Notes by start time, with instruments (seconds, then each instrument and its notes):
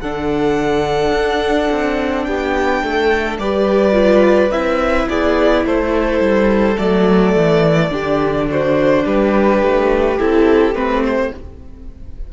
0.00 cello D3, viola D4, violin A4 F#5
1.12 cello D4
1.71 cello C4
2.23 cello B3, violin G4 G5
2.82 cello A3, violin A4
3.37 cello G3, viola G4, violin B4 D5
3.92 viola F4
4.50 cello C4, viola E4, violin E5
5.08 cello B3, violin G#4 D5
5.64 cello A3, violin A4 C5
6.19 cello G3
6.77 cello F#3, viola A3, violin D5
7.35 cello E3
7.90 cello D3, viola D4, violin G4
8.50 violin F#4 C5
9.04 cello G3, violin G4 B4
9.62 cello A3
10.18 cello C4, viola E4, violin A4
10.73 cello A3, viola C4, violin B4
11.04 violin C5